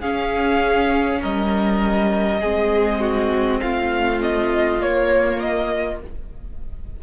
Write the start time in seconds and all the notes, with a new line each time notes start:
0.00 C#4 G#4 F5
1.21 G3 A#4 D#5
2.40 G#3 C4 G#4
3.00 F#4
3.60 A3 F4 F5
4.21 D#5
4.80 A#3 C#5
5.40 D#5